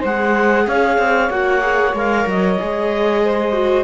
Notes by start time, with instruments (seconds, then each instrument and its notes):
0.00 cello G#3, viola G#4, saxophone C5, clarinet F#5
0.67 cello C#4, saxophone C#5, clarinet F5
0.98 cello C4
1.30 cello A#3, viola F#4, clarinet F#5
1.62 viola G#4
1.93 cello G#3, viola A#4, clarinet F5
2.26 cello F#3, clarinet D#5
2.59 cello G#3, viola G#4
3.24 saxophone C5
3.53 viola F#4